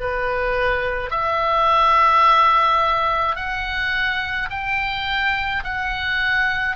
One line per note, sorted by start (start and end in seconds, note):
0.00 1.11 B4
1.11 3.36 E5
3.36 4.49 F#5
4.50 5.63 G5
5.63 6.76 F#5